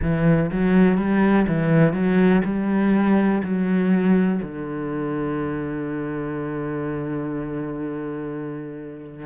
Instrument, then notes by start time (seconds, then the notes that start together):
cello
0.02 E3
0.51 F#3
0.97 G3
1.47 E3
1.93 F#3
2.44 G3
3.43 F#3
4.42 D3